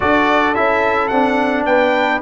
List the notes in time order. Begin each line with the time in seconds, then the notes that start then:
0.00 D4 F#4 A4 D5
0.54 C#4 E4 E5
1.07 C4 D4 F#5
1.65 B3 B4 G5